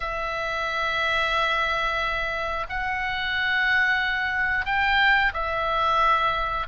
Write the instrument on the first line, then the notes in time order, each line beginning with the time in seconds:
oboe
0.00 E5
2.68 F#5
4.65 G5
5.33 E5